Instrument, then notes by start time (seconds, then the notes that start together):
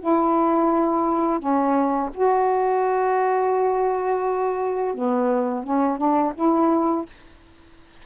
saxophone
0.00 E4
1.39 C#4
2.14 F#4
4.94 B3
5.64 C#4
5.97 D4
6.35 E4